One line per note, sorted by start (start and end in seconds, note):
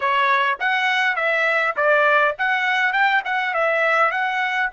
0.00 0.58 C#5
0.59 1.16 F#5
1.16 1.75 E5
1.76 2.35 D5
2.38 2.93 F#5
2.93 3.22 G5
3.24 3.54 F#5
3.54 4.11 E5
4.11 4.70 F#5